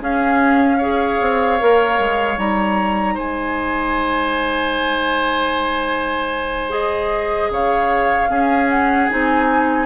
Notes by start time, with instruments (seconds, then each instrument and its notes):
0.00 clarinet C#4, bassoon C#4, oboe G#4, flute F5
0.77 clarinet G#4, oboe C#5
1.21 bassoon C4
1.59 bassoon A#3, clarinet A#4
1.99 bassoon G#3
2.36 bassoon G3, clarinet D#4, flute A#5
3.14 bassoon G#3, oboe C5, flute G#5
6.69 clarinet G#4, flute D#5
7.50 bassoon C#3, oboe C#5, flute F5
8.29 bassoon C#4, clarinet C#4, oboe G#4
8.69 flute F#5
9.10 bassoon C4, clarinet D#4, flute G#5